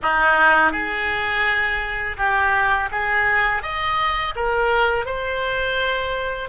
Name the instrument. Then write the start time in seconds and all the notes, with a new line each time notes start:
oboe
0.02 D#4
0.72 G#4
2.17 G4
2.91 G#4
3.62 D#5
4.35 A#4
5.05 C5